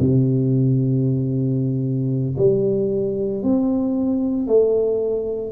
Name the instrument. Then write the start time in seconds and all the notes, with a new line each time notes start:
tuba
0.00 C3
2.38 G3
3.44 C4
4.47 A3